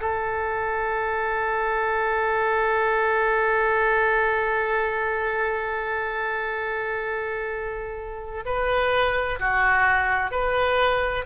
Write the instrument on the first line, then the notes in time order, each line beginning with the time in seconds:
oboe
0.00 A4
8.45 B4
9.39 F#4
10.31 B4